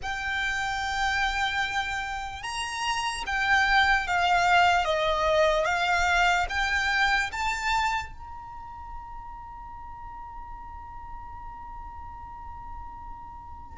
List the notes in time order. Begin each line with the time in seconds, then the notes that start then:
0.02 G5
2.43 A#5
3.26 G5
4.07 F5
4.84 D#5
5.65 F5
6.49 G5
7.32 A5
8.13 A#5